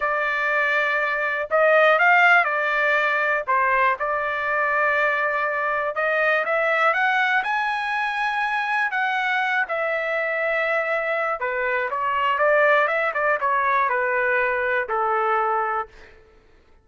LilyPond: \new Staff \with { instrumentName = "trumpet" } { \time 4/4 \tempo 4 = 121 d''2. dis''4 | f''4 d''2 c''4 | d''1 | dis''4 e''4 fis''4 gis''4~ |
gis''2 fis''4. e''8~ | e''2. b'4 | cis''4 d''4 e''8 d''8 cis''4 | b'2 a'2 | }